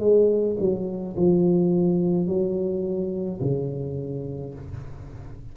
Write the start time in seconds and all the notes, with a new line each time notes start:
0.00 G#3
0.60 F#3
1.17 F3
2.27 F#3
3.41 C#3